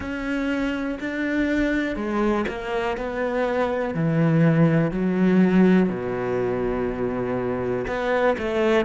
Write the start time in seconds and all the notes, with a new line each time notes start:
0.00 C#4
1.00 D4
1.95 G#3
2.48 A#3
2.97 B3
3.94 E3
4.91 F#3
5.89 B2
7.87 B3
8.37 A3